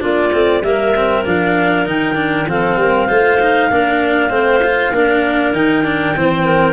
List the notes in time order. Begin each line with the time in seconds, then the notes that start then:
0.00 A#3 D4 F4 D5
0.32 A3 C4
0.61 G3 A#3 A#4 E5
0.95 C4
1.25 F3 D4 F5
1.85 D#3 D#4 G5
2.15 D4
2.46 F3 C4 A4 F5
2.76 G3 A#4
3.06 A3 F4 C5
3.40 D#4
3.69 A#3 D4 A#4
4.30 A3 C4 C5
4.63 F4
4.91 A#3 D4 A#4
5.52 D#3 D#4 G5
5.84 D4
6.16 E3 C4 C5
6.45 A#4